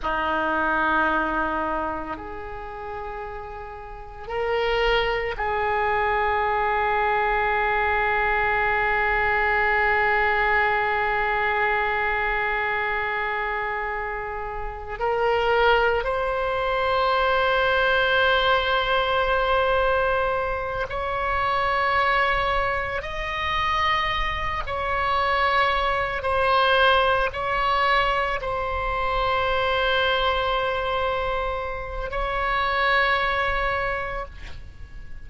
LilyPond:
\new Staff \with { instrumentName = "oboe" } { \time 4/4 \tempo 4 = 56 dis'2 gis'2 | ais'4 gis'2.~ | gis'1~ | gis'2 ais'4 c''4~ |
c''2.~ c''8 cis''8~ | cis''4. dis''4. cis''4~ | cis''8 c''4 cis''4 c''4.~ | c''2 cis''2 | }